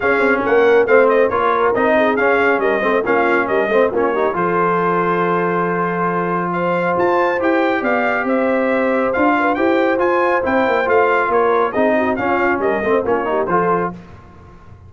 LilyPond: <<
  \new Staff \with { instrumentName = "trumpet" } { \time 4/4 \tempo 4 = 138 f''4 fis''4 f''8 dis''8 cis''4 | dis''4 f''4 dis''4 f''4 | dis''4 cis''4 c''2~ | c''2. f''4 |
a''4 g''4 f''4 e''4~ | e''4 f''4 g''4 gis''4 | g''4 f''4 cis''4 dis''4 | f''4 dis''4 cis''4 c''4 | }
  \new Staff \with { instrumentName = "horn" } { \time 4/4 gis'4 ais'4 c''4 ais'4~ | ais'8 gis'4. ais'8 c''8 f'4 | ais'8 c''8 f'8 g'8 a'2~ | a'2. c''4~ |
c''2 d''4 c''4~ | c''4. b'8 c''2~ | c''2 ais'4 gis'8 fis'8 | f'4 ais'8 c''8 f'8 g'8 a'4 | }
  \new Staff \with { instrumentName = "trombone" } { \time 4/4 cis'2 c'4 f'4 | dis'4 cis'4. c'8 cis'4~ | cis'8 c'8 cis'8 dis'8 f'2~ | f'1~ |
f'4 g'2.~ | g'4 f'4 g'4 f'4 | e'4 f'2 dis'4 | cis'4. c'8 cis'8 dis'8 f'4 | }
  \new Staff \with { instrumentName = "tuba" } { \time 4/4 cis'8 c'8 ais4 a4 ais4 | c'4 cis'4 g8 a8 ais4 | g8 a8 ais4 f2~ | f1 |
f'4 e'4 b4 c'4~ | c'4 d'4 e'4 f'4 | c'8 ais8 a4 ais4 c'4 | cis'4 g8 a8 ais4 f4 | }
>>